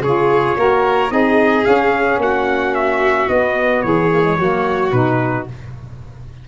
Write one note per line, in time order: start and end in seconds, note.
0.00 0.55 C#3
0.00 0.57 F4
0.00 0.56 G#4
0.00 1.11 C#5
0.57 1.11 A#3
0.57 1.09 F#4
0.57 1.13 A#4
1.09 1.65 C4
1.09 1.63 D#4
1.09 2.22 G#4
1.09 1.64 D#5
1.63 3.27 C#4
1.63 2.18 C#4
1.63 2.19 F5
2.18 3.27 A#3
2.18 3.85 F#4
2.18 2.74 F#5
2.74 3.29 E5
3.28 4.10 B3
3.28 3.83 B3
3.28 3.82 D#5
3.82 4.38 E3
3.82 4.39 G#4
3.82 4.91 C#5
4.10 4.23 A#3
4.23 4.37 G#3
4.38 4.92 F#3
4.38 4.92 A#3
4.38 5.48 F#4
4.91 5.47 B2
4.91 5.47 D#4
4.91 5.46 B4